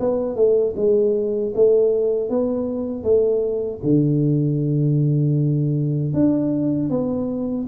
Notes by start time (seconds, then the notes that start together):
0.00 B3
0.36 A3
0.76 G#3
1.55 A3
2.30 B3
3.03 A3
3.84 D3
6.14 D4
6.90 B3